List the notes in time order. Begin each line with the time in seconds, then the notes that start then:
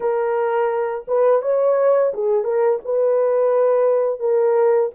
0.00 A#4
1.07 B4
1.42 C#5
2.13 G#4
2.44 A#4
2.84 B4
4.19 A#4